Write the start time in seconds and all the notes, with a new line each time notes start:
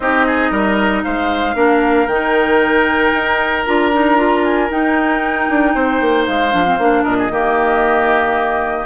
0.00 C4 D#4 G4 D#5
0.26 G#4
0.50 G3 A#4
1.03 G#3 C5 F5
1.54 A#3 D4 A#4
2.07 D#3 D#4 G5
3.13 D#4
3.64 D4 F4 A#5
3.92 D#4
4.16 F4
4.43 G#5
4.69 D#4 G5
5.49 D4
5.74 C4 C5
6.00 A#3
6.26 G#3 F5
6.51 F3 D4
6.65 C4
6.77 A#3 D4
7.03 A#2 A#4 D#5
7.18 G#4
7.29 D#3 A#3 G4